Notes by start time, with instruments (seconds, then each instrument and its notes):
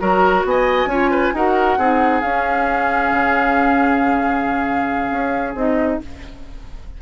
0.00 bassoon F#3, clarinet F#4, oboe A#4, flute A#5
0.44 bassoon B3, oboe D#5, flute G#5
0.85 bassoon C#4, clarinet F4, oboe C#5
1.10 oboe B4
1.33 bassoon D#4, clarinet F#4, oboe A#4, flute F#5
1.77 bassoon C4, clarinet D#4, oboe G#4
2.21 clarinet C#4, bassoon C#4, flute F5
3.12 bassoon C#3
5.10 bassoon C#4
5.54 bassoon C4, clarinet D#4, flute D#5